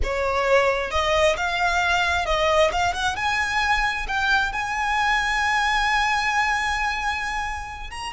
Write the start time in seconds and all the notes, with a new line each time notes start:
0.03 C#5
0.90 D#5
1.36 F5
2.25 D#5
2.71 F5
2.93 F#5
3.16 G#5
4.07 G5
4.52 G#5
7.90 A#5